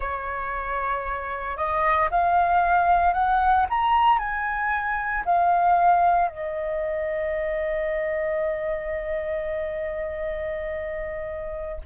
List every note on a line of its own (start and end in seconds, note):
0.00 1.56 C#5
1.56 2.09 D#5
2.11 3.13 F5
3.13 3.66 F#5
3.69 4.18 A#5
4.18 5.23 G#5
5.25 6.28 F5
6.28 11.80 D#5